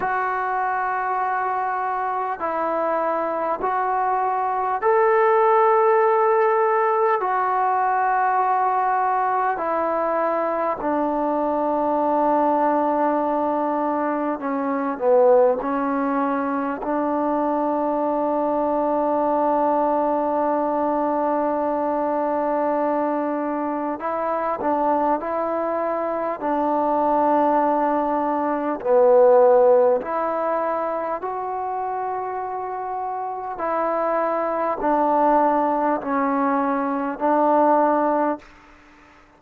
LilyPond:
\new Staff \with { instrumentName = "trombone" } { \time 4/4 \tempo 4 = 50 fis'2 e'4 fis'4 | a'2 fis'2 | e'4 d'2. | cis'8 b8 cis'4 d'2~ |
d'1 | e'8 d'8 e'4 d'2 | b4 e'4 fis'2 | e'4 d'4 cis'4 d'4 | }